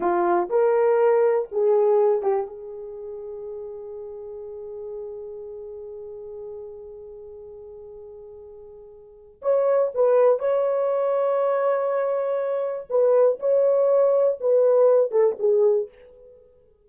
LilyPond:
\new Staff \with { instrumentName = "horn" } { \time 4/4 \tempo 4 = 121 f'4 ais'2 gis'4~ | gis'8 g'8 gis'2.~ | gis'1~ | gis'1~ |
gis'2. cis''4 | b'4 cis''2.~ | cis''2 b'4 cis''4~ | cis''4 b'4. a'8 gis'4 | }